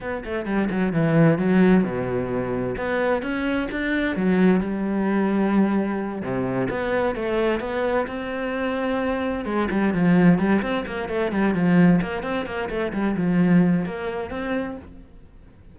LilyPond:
\new Staff \with { instrumentName = "cello" } { \time 4/4 \tempo 4 = 130 b8 a8 g8 fis8 e4 fis4 | b,2 b4 cis'4 | d'4 fis4 g2~ | g4. c4 b4 a8~ |
a8 b4 c'2~ c'8~ | c'8 gis8 g8 f4 g8 c'8 ais8 | a8 g8 f4 ais8 c'8 ais8 a8 | g8 f4. ais4 c'4 | }